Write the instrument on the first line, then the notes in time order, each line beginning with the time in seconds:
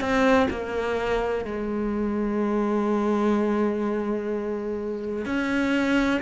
cello
0.00 C4
0.50 A#3
1.45 G#3
5.25 C#4